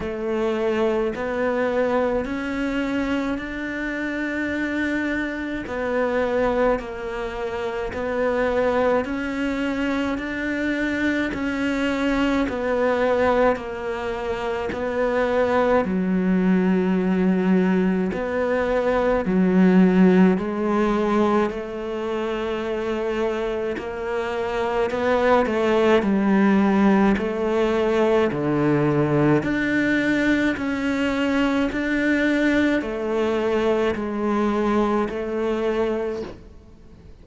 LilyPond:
\new Staff \with { instrumentName = "cello" } { \time 4/4 \tempo 4 = 53 a4 b4 cis'4 d'4~ | d'4 b4 ais4 b4 | cis'4 d'4 cis'4 b4 | ais4 b4 fis2 |
b4 fis4 gis4 a4~ | a4 ais4 b8 a8 g4 | a4 d4 d'4 cis'4 | d'4 a4 gis4 a4 | }